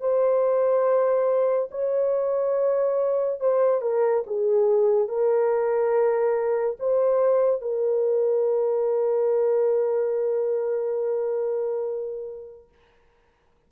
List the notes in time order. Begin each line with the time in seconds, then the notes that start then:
0.00 C5
1.71 C#5
3.40 C5
3.81 A#4
4.27 G#4
5.08 A#4
6.79 C5
7.61 A#4